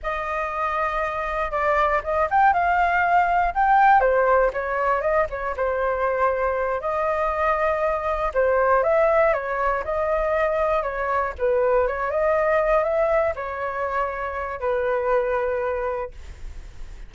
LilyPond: \new Staff \with { instrumentName = "flute" } { \time 4/4 \tempo 4 = 119 dis''2. d''4 | dis''8 g''8 f''2 g''4 | c''4 cis''4 dis''8 cis''8 c''4~ | c''4. dis''2~ dis''8~ |
dis''8 c''4 e''4 cis''4 dis''8~ | dis''4. cis''4 b'4 cis''8 | dis''4. e''4 cis''4.~ | cis''4 b'2. | }